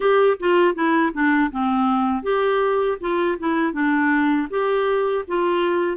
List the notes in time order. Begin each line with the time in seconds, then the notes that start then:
0.00 G4
0.39 F4
0.74 E4
1.12 D4
1.51 C4
2.23 G4
3.00 F4
3.39 E4
3.73 D4
4.50 G4
5.27 F4